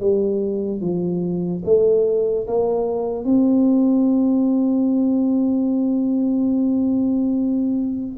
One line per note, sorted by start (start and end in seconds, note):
0.00 0.80 G3
0.80 1.63 F3
1.65 2.47 A3
2.47 3.24 A#3
3.24 8.17 C4